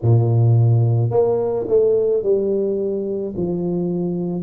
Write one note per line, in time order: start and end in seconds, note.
0.02 1.10 A#2
1.10 1.66 A#3
1.67 2.22 A3
2.22 3.33 G3
3.36 4.42 F3